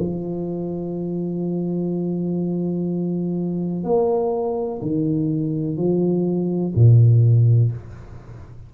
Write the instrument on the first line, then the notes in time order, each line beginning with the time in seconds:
tuba
0.00 F3
3.84 A#3
4.82 D#3
5.77 F3
6.76 A#2